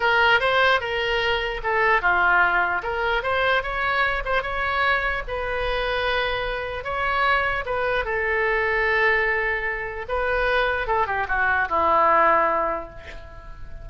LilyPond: \new Staff \with { instrumentName = "oboe" } { \time 4/4 \tempo 4 = 149 ais'4 c''4 ais'2 | a'4 f'2 ais'4 | c''4 cis''4. c''8 cis''4~ | cis''4 b'2.~ |
b'4 cis''2 b'4 | a'1~ | a'4 b'2 a'8 g'8 | fis'4 e'2. | }